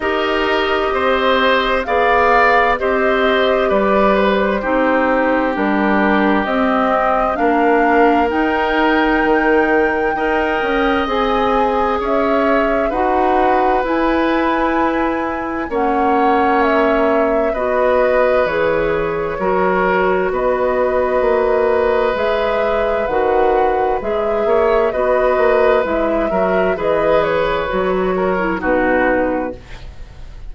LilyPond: <<
  \new Staff \with { instrumentName = "flute" } { \time 4/4 \tempo 4 = 65 dis''2 f''4 dis''4 | d''8 c''4. ais'4 dis''4 | f''4 g''2. | gis''4 e''4 fis''4 gis''4~ |
gis''4 fis''4 e''4 dis''4 | cis''2 dis''2 | e''4 fis''4 e''4 dis''4 | e''4 dis''8 cis''4. b'4 | }
  \new Staff \with { instrumentName = "oboe" } { \time 4/4 ais'4 c''4 d''4 c''4 | b'4 g'2. | ais'2. dis''4~ | dis''4 cis''4 b'2~ |
b'4 cis''2 b'4~ | b'4 ais'4 b'2~ | b'2~ b'8 cis''8 b'4~ | b'8 ais'8 b'4. ais'8 fis'4 | }
  \new Staff \with { instrumentName = "clarinet" } { \time 4/4 g'2 gis'4 g'4~ | g'4 dis'4 d'4 c'4 | d'4 dis'2 ais'4 | gis'2 fis'4 e'4~ |
e'4 cis'2 fis'4 | gis'4 fis'2. | gis'4 fis'4 gis'4 fis'4 | e'8 fis'8 gis'4 fis'8. e'16 dis'4 | }
  \new Staff \with { instrumentName = "bassoon" } { \time 4/4 dis'4 c'4 b4 c'4 | g4 c'4 g4 c'4 | ais4 dis'4 dis4 dis'8 cis'8 | c'4 cis'4 dis'4 e'4~ |
e'4 ais2 b4 | e4 fis4 b4 ais4 | gis4 dis4 gis8 ais8 b8 ais8 | gis8 fis8 e4 fis4 b,4 | }
>>